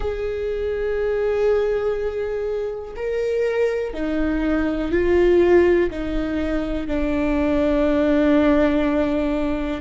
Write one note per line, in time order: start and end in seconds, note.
0.00 2.94 G#4
2.96 3.93 A#4
3.93 4.91 D#4
4.91 5.90 F4
5.90 6.87 D#4
6.87 9.81 D4